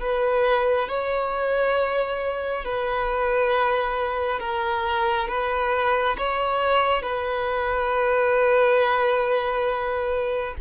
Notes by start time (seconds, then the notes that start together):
0.00 B4
0.88 C#5
2.65 B4
4.40 A#4
5.28 B4
6.18 C#5
7.02 B4